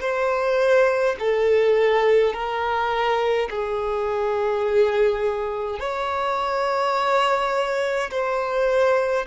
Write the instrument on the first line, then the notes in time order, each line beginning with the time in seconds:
violin
0.00 C5
1.19 A4
2.33 A#4
3.50 G#4
5.79 C#5
8.10 C5